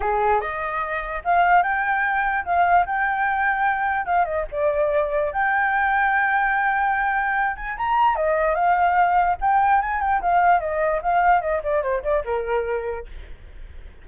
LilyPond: \new Staff \with { instrumentName = "flute" } { \time 4/4 \tempo 4 = 147 gis'4 dis''2 f''4 | g''2 f''4 g''4~ | g''2 f''8 dis''8 d''4~ | d''4 g''2.~ |
g''2~ g''8 gis''8 ais''4 | dis''4 f''2 g''4 | gis''8 g''8 f''4 dis''4 f''4 | dis''8 d''8 c''8 d''8 ais'2 | }